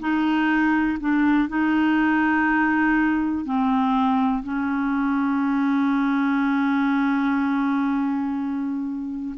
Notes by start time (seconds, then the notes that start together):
0.00 D#4
1.00 D4
1.49 D#4
3.45 C4
4.44 C#4